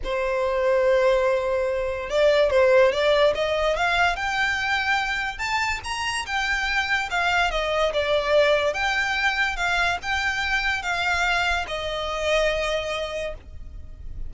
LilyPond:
\new Staff \with { instrumentName = "violin" } { \time 4/4 \tempo 4 = 144 c''1~ | c''4 d''4 c''4 d''4 | dis''4 f''4 g''2~ | g''4 a''4 ais''4 g''4~ |
g''4 f''4 dis''4 d''4~ | d''4 g''2 f''4 | g''2 f''2 | dis''1 | }